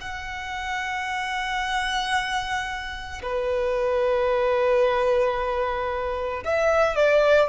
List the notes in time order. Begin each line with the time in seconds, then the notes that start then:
0.00 F#5
3.22 B4
6.44 E5
6.95 D5